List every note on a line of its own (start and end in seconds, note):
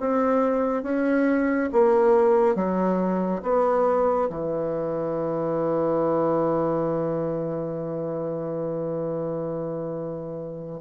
0.00 0.83 C4
0.83 1.70 C#4
1.72 2.55 A#3
2.55 3.42 F#3
3.42 4.29 B3
4.29 10.81 E3